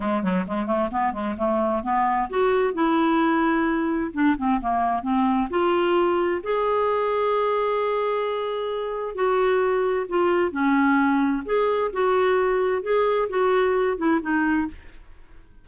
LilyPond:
\new Staff \with { instrumentName = "clarinet" } { \time 4/4 \tempo 4 = 131 gis8 fis8 gis8 a8 b8 gis8 a4 | b4 fis'4 e'2~ | e'4 d'8 c'8 ais4 c'4 | f'2 gis'2~ |
gis'1 | fis'2 f'4 cis'4~ | cis'4 gis'4 fis'2 | gis'4 fis'4. e'8 dis'4 | }